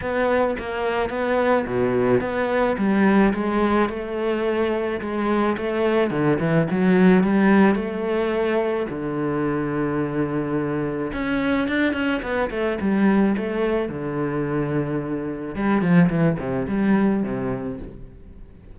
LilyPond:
\new Staff \with { instrumentName = "cello" } { \time 4/4 \tempo 4 = 108 b4 ais4 b4 b,4 | b4 g4 gis4 a4~ | a4 gis4 a4 d8 e8 | fis4 g4 a2 |
d1 | cis'4 d'8 cis'8 b8 a8 g4 | a4 d2. | g8 f8 e8 c8 g4 c4 | }